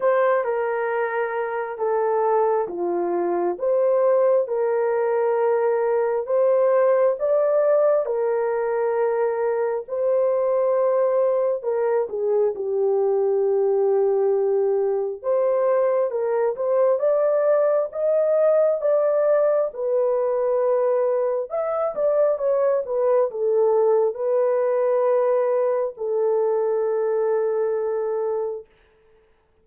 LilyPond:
\new Staff \with { instrumentName = "horn" } { \time 4/4 \tempo 4 = 67 c''8 ais'4. a'4 f'4 | c''4 ais'2 c''4 | d''4 ais'2 c''4~ | c''4 ais'8 gis'8 g'2~ |
g'4 c''4 ais'8 c''8 d''4 | dis''4 d''4 b'2 | e''8 d''8 cis''8 b'8 a'4 b'4~ | b'4 a'2. | }